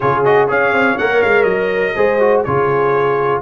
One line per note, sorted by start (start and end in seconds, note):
0.00 0.50 C#3
0.00 0.24 F4
0.00 0.48 G#4
0.00 0.23 C#5
0.24 0.48 F#4
0.24 0.49 D#5
0.48 0.73 C#4
0.48 0.97 G#4
0.48 1.94 C#5
0.48 0.98 F5
0.73 0.97 C4
0.98 1.23 A#3
0.98 1.95 A#4
0.98 1.22 F#5
1.22 1.44 G#3
1.22 1.43 F5
1.43 1.93 F#3
1.43 2.40 D#5
1.95 2.45 G#3
1.95 2.20 G#4
1.95 2.44 C5
2.20 2.44 F#4
2.43 3.42 C#3
2.43 3.42 F4
2.43 3.41 G#4
2.43 3.41 C#5